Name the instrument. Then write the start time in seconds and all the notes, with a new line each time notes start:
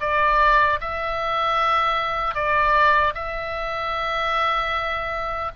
oboe
0.00 D5
0.80 E5
2.34 D5
3.14 E5